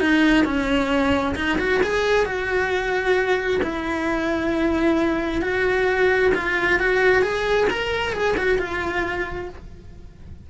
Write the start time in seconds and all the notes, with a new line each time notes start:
0.00 D#4
0.44 C#4
1.36 D#4
1.59 F#4
1.83 G#4
2.25 F#4
3.63 E4
5.42 F#4
6.34 F4
6.79 F#4
7.22 G#4
7.70 A#4
8.12 G#4
8.37 F#4
8.59 F4